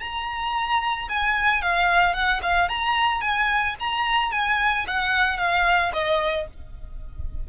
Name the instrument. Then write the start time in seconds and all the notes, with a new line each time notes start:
violin
0.00 A#5
1.09 G#5
1.62 F5
2.13 F#5
2.42 F5
2.69 A#5
3.21 G#5
3.80 A#5
4.31 G#5
4.87 F#5
5.37 F5
5.93 D#5